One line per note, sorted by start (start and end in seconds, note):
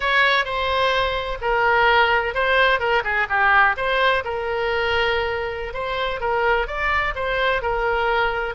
0.00 0.45 C#5
0.45 1.38 C5
1.41 2.34 A#4
2.34 2.79 C5
2.79 3.03 A#4
3.03 3.27 G#4
3.29 3.75 G4
3.76 4.23 C5
4.24 5.73 A#4
5.73 6.20 C5
6.20 6.67 A#4
6.67 7.14 D5
7.15 7.62 C5
7.62 8.54 A#4